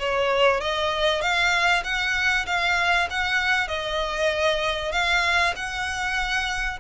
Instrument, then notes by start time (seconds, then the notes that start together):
violin
0.00 C#5
0.61 D#5
1.22 F5
1.84 F#5
2.47 F5
3.11 F#5
3.68 D#5
4.92 F5
5.56 F#5